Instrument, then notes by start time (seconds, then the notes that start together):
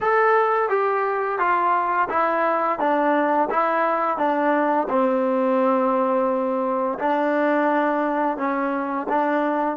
trombone
0.00 A4
0.69 G4
1.38 F4
2.09 E4
2.79 D4
3.49 E4
4.17 D4
4.89 C4
6.99 D4
8.37 C#4
9.09 D4